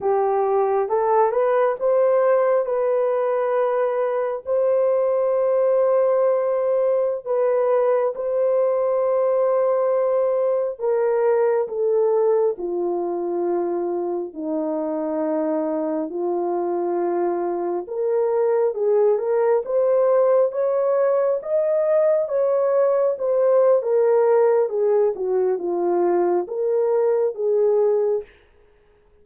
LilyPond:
\new Staff \with { instrumentName = "horn" } { \time 4/4 \tempo 4 = 68 g'4 a'8 b'8 c''4 b'4~ | b'4 c''2.~ | c''16 b'4 c''2~ c''8.~ | c''16 ais'4 a'4 f'4.~ f'16~ |
f'16 dis'2 f'4.~ f'16~ | f'16 ais'4 gis'8 ais'8 c''4 cis''8.~ | cis''16 dis''4 cis''4 c''8. ais'4 | gis'8 fis'8 f'4 ais'4 gis'4 | }